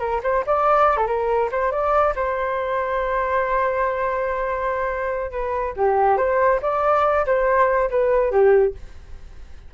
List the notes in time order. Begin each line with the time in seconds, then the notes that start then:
0.00 A#4
0.24 C5
0.47 D5
0.97 A4
1.07 A#4
1.52 C5
1.72 D5
2.16 C5
5.32 B4
5.77 G4
6.18 C5
6.62 D5
7.26 C5
7.90 B4
8.32 G4